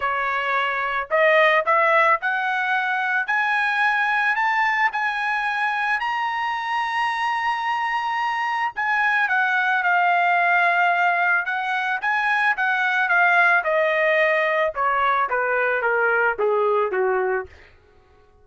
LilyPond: \new Staff \with { instrumentName = "trumpet" } { \time 4/4 \tempo 4 = 110 cis''2 dis''4 e''4 | fis''2 gis''2 | a''4 gis''2 ais''4~ | ais''1 |
gis''4 fis''4 f''2~ | f''4 fis''4 gis''4 fis''4 | f''4 dis''2 cis''4 | b'4 ais'4 gis'4 fis'4 | }